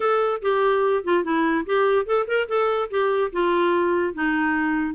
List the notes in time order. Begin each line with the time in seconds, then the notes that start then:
0.00 A4
0.42 G4
1.03 F4
1.24 E4
1.66 G4
2.05 A4
2.27 A#4
2.48 A4
2.90 G4
3.32 F4
4.14 D#4